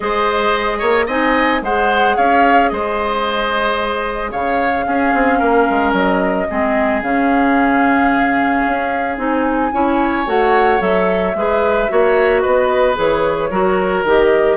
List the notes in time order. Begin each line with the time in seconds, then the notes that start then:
0.00 G#3 G#4 C5 D#5
0.78 A#3 C#5
1.06 C4 D#4 D#5 G#5
1.61 G#3 G#4 C5 F#5
2.16 C#4 C#5 F5
2.68 G#3 C5 D#5
4.31 C#3 C#5 F5
4.85 C#4 G#4
5.13 C4
5.38 A#3 A#4
5.70 G#3
5.93 F#3 D#5
6.49 G#3 C4 G#4
7.02 C#3 C#4 F5
8.66 C#4
9.17 C4 D#4 G#5
9.73 C#4 E4 C#5
10.25 A3 F#4 F#5
10.79 F#3 A4 E5
11.34 G#3 G#4 B4
11.88 A#3 F#4 C#5
12.41 B3 B4 D#5
12.95 E3 G#4 C#5
13.50 F#3 F#4 A#4
14.04 D#3 G4 D#5